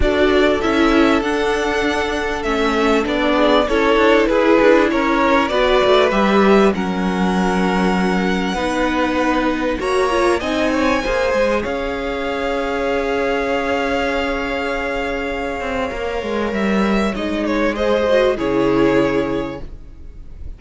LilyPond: <<
  \new Staff \with { instrumentName = "violin" } { \time 4/4 \tempo 4 = 98 d''4 e''4 fis''2 | e''4 d''4 cis''4 b'4 | cis''4 d''4 e''4 fis''4~ | fis''1 |
ais''4 gis''2 f''4~ | f''1~ | f''2. e''4 | dis''8 cis''8 dis''4 cis''2 | }
  \new Staff \with { instrumentName = "violin" } { \time 4/4 a'1~ | a'4. gis'8 a'4 gis'4 | ais'4 b'2 ais'4~ | ais'2 b'2 |
cis''4 dis''8 cis''8 c''4 cis''4~ | cis''1~ | cis''1~ | cis''4 c''4 gis'2 | }
  \new Staff \with { instrumentName = "viola" } { \time 4/4 fis'4 e'4 d'2 | cis'4 d'4 e'2~ | e'4 fis'4 g'4 cis'4~ | cis'2 dis'2 |
fis'8 f'8 dis'4 gis'2~ | gis'1~ | gis'2 ais'2 | dis'4 gis'8 fis'8 e'2 | }
  \new Staff \with { instrumentName = "cello" } { \time 4/4 d'4 cis'4 d'2 | a4 b4 cis'8 d'8 e'8 d'8 | cis'4 b8 a8 g4 fis4~ | fis2 b2 |
ais4 c'4 ais8 gis8 cis'4~ | cis'1~ | cis'4. c'8 ais8 gis8 g4 | gis2 cis2 | }
>>